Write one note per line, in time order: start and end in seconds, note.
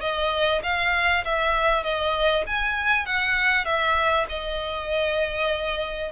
0.00 0.61 D#5
0.63 1.24 F5
1.24 1.83 E5
1.83 2.44 D#5
2.46 3.06 G#5
3.06 3.65 F#5
3.65 4.26 E5
4.29 6.11 D#5